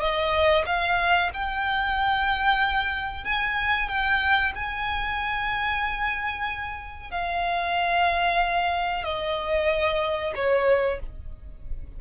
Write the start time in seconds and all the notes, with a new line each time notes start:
0.00 D#5
0.65 F5
1.33 G5
3.24 G#5
3.88 G5
4.55 G#5
7.10 F5
9.04 D#5
10.35 C#5